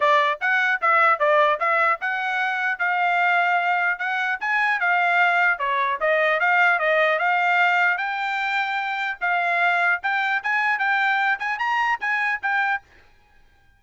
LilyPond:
\new Staff \with { instrumentName = "trumpet" } { \time 4/4 \tempo 4 = 150 d''4 fis''4 e''4 d''4 | e''4 fis''2 f''4~ | f''2 fis''4 gis''4 | f''2 cis''4 dis''4 |
f''4 dis''4 f''2 | g''2. f''4~ | f''4 g''4 gis''4 g''4~ | g''8 gis''8 ais''4 gis''4 g''4 | }